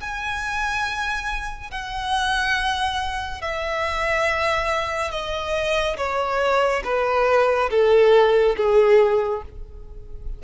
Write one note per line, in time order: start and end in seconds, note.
0.00 1.71 G#5
1.71 3.41 F#5
3.41 5.11 E5
5.11 5.96 D#5
5.97 6.83 C#5
6.84 7.69 B4
7.70 8.56 A4
8.56 9.42 G#4